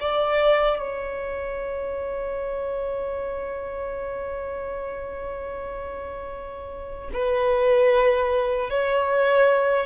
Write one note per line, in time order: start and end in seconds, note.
0.00 0.79 D5
0.79 7.10 C#5
7.13 8.70 B4
8.70 9.86 C#5